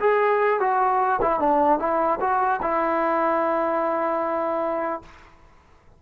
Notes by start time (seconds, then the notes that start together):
0.00 G#4
0.60 F#4
1.22 E4
1.40 D4
1.79 E4
2.21 F#4
2.62 E4